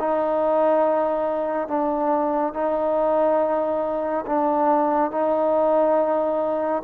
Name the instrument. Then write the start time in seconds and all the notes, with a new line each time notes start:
trombone
0.00 D#4
1.68 D4
2.54 D#4
4.26 D4
5.12 D#4